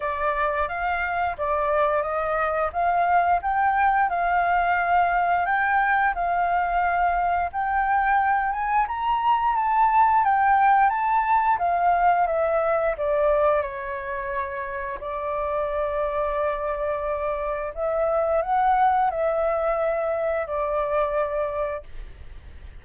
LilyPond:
\new Staff \with { instrumentName = "flute" } { \time 4/4 \tempo 4 = 88 d''4 f''4 d''4 dis''4 | f''4 g''4 f''2 | g''4 f''2 g''4~ | g''8 gis''8 ais''4 a''4 g''4 |
a''4 f''4 e''4 d''4 | cis''2 d''2~ | d''2 e''4 fis''4 | e''2 d''2 | }